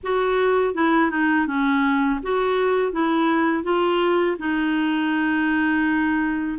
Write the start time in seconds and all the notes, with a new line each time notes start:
0.03 F#4
0.74 E4
1.10 D#4
1.46 C#4
2.22 F#4
2.92 E4
3.63 F4
4.39 D#4